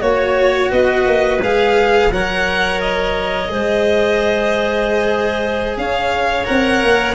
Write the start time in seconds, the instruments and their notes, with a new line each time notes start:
0.00 tuba A#3, cello F#4, violin C#5, clarinet C#5
0.70 tuba B3, clarinet B4, violin D#5
1.07 tuba A#3
1.41 tuba G#3, cello G#4, violin F5
2.12 tuba F#3, cello A#4, clarinet C#5, violin F#5
2.81 violin D#5
3.49 tuba G#3, cello G#4, clarinet C5
5.77 tuba C#4, clarinet C#5, violin F5
6.45 tuba C4, cello A#4, violin F#5
6.83 tuba A#3